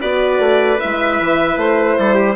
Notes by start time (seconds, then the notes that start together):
0.00 B3 F#4 B4 D5
0.38 A3
0.80 G#3 E4 E5
1.20 E3
1.57 A3 C5
1.98 G3 A4
2.14 G4